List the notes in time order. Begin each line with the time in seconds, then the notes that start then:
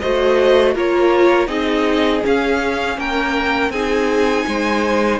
0.00 A3 F#4 C5 D#5
0.75 A#3 F4 A#4 C#5
1.48 C4 D#4 G#4 D#5
2.23 C#4 F5
2.98 A#3 A#4 G5
3.70 C4 D#4 G#4 G#5
4.48 G#3 C5